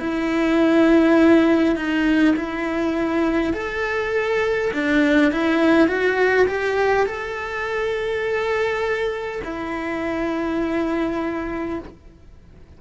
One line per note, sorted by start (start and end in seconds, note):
0.00 1.75 E4
1.75 2.34 D#4
2.36 3.53 E4
3.53 4.71 A4
4.73 5.32 D4
5.32 5.88 E4
5.88 6.47 F#4
6.48 7.06 G4
7.06 9.42 A4
9.44 11.79 E4